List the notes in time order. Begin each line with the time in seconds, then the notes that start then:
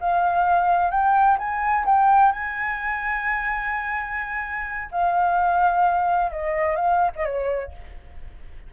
0.00 F5
0.90 G5
1.38 G#5
1.85 G5
2.32 G#5
4.91 F5
6.31 D#5
6.75 F5
7.15 D#5
7.25 C#5